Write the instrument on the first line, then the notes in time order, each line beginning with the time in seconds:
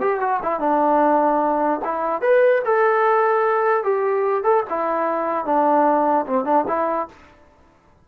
trombone
0.00 G4
0.20 F#4
0.42 E4
0.59 D4
1.84 E4
2.21 B4
2.65 A4
3.83 G4
4.43 A4
4.69 E4
5.45 D4
6.26 C4
6.44 D4
6.67 E4